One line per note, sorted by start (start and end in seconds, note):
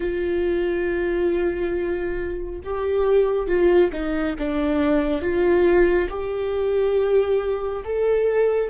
0.00 2.60 F4
2.64 3.47 G4
3.47 3.91 F4
3.92 4.35 D#4
4.38 5.21 D4
5.21 6.08 F4
6.09 7.83 G4
7.84 8.69 A4